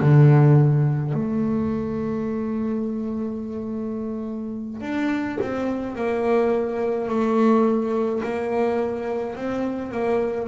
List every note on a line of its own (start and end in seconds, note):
0.00 1.13 D3
1.13 4.81 A3
4.81 5.37 D4
5.40 5.95 C4
5.95 7.08 A#3
7.09 8.22 A3
8.22 9.35 A#3
9.35 9.91 C4
9.91 10.48 A#3